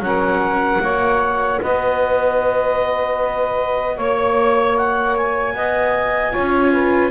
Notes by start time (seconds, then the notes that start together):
0.00 F#3 C#4 F#5
0.06 A#4
0.81 A#3 F#4 C#5
1.62 B3 B4 D#5
3.96 A#3 C#5
4.78 F#5
5.17 G#5
5.56 B3 D#5
6.32 C#4 F4 C#5
6.73 B4